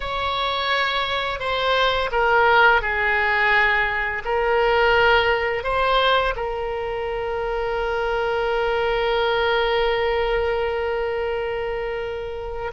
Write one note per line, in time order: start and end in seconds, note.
0.00 1.39 C#5
1.39 2.10 C5
2.11 2.81 A#4
2.81 4.22 G#4
4.24 5.63 A#4
5.63 6.34 C5
6.36 12.71 A#4